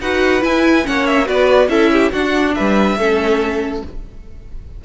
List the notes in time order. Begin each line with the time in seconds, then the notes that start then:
0.00 D#4 F#4 B4 F#5
0.41 E4 G#5
0.85 A#3 C#4 C#5 F#5
1.06 E5
1.25 B3 F#4 B4 D5
1.68 C#4 E4 A4 E5
1.92 G4
2.12 D4 F#4 F#5
2.54 G3 B4 E5
2.97 A3 C#4 A4